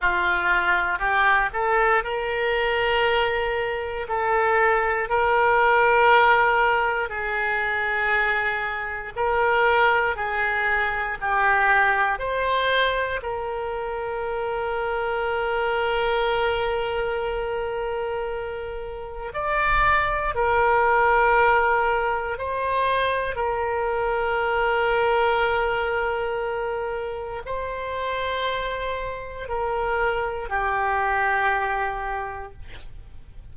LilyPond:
\new Staff \with { instrumentName = "oboe" } { \time 4/4 \tempo 4 = 59 f'4 g'8 a'8 ais'2 | a'4 ais'2 gis'4~ | gis'4 ais'4 gis'4 g'4 | c''4 ais'2.~ |
ais'2. d''4 | ais'2 c''4 ais'4~ | ais'2. c''4~ | c''4 ais'4 g'2 | }